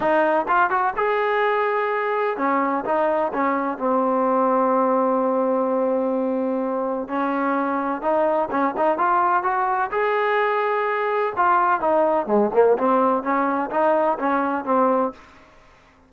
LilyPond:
\new Staff \with { instrumentName = "trombone" } { \time 4/4 \tempo 4 = 127 dis'4 f'8 fis'8 gis'2~ | gis'4 cis'4 dis'4 cis'4 | c'1~ | c'2. cis'4~ |
cis'4 dis'4 cis'8 dis'8 f'4 | fis'4 gis'2. | f'4 dis'4 gis8 ais8 c'4 | cis'4 dis'4 cis'4 c'4 | }